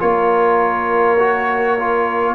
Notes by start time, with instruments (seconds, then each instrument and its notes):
0.00 tuba A#3, trombone F4, horn A#4, trumpet C#5
1.19 trombone F#4
1.79 trombone F4